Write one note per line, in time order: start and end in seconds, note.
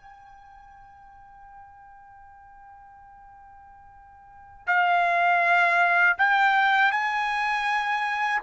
0.00 4.66 G5
4.66 6.16 F5
6.18 6.91 G5
6.91 8.41 G#5